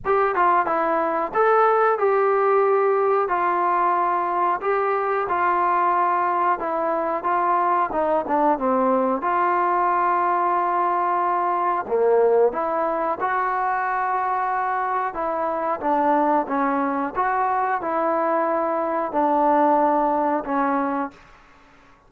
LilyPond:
\new Staff \with { instrumentName = "trombone" } { \time 4/4 \tempo 4 = 91 g'8 f'8 e'4 a'4 g'4~ | g'4 f'2 g'4 | f'2 e'4 f'4 | dis'8 d'8 c'4 f'2~ |
f'2 ais4 e'4 | fis'2. e'4 | d'4 cis'4 fis'4 e'4~ | e'4 d'2 cis'4 | }